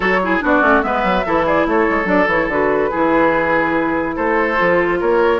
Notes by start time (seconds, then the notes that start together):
0.00 F#3 F#4 A4 C#5
0.22 E4 G#4
0.41 B3 D4 F#4 D5
0.61 A3 C#4
0.81 G#3 B3 B4 E5
1.03 F#3
1.26 E3 E4 A4
1.46 G#4 D5
1.66 A3 A4 C#5
1.90 G#3
2.04 F#3 D4 D5
2.26 E3 E4 C#5
2.48 D3 F#4 B4
2.90 E3 E4 G#4
4.15 A3 A4 C5
4.57 F3 F4
5.00 A#3 A#4 C#5